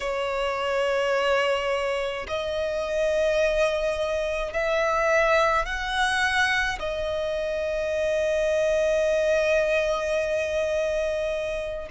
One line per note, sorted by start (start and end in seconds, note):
0.00 2.26 C#5
2.27 4.53 D#5
4.53 5.66 E5
5.66 6.79 F#5
6.79 11.88 D#5